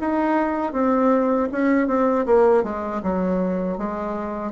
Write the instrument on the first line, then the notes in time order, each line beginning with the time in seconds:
bassoon
0.00 D#4
0.72 C4
1.52 C#4
1.87 C4
2.26 A#3
2.63 G#3
3.03 F#3
3.78 G#3